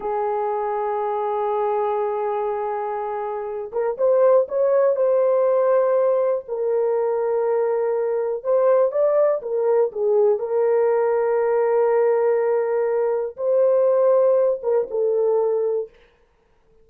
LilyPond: \new Staff \with { instrumentName = "horn" } { \time 4/4 \tempo 4 = 121 gis'1~ | gis'2.~ gis'8 ais'8 | c''4 cis''4 c''2~ | c''4 ais'2.~ |
ais'4 c''4 d''4 ais'4 | gis'4 ais'2.~ | ais'2. c''4~ | c''4. ais'8 a'2 | }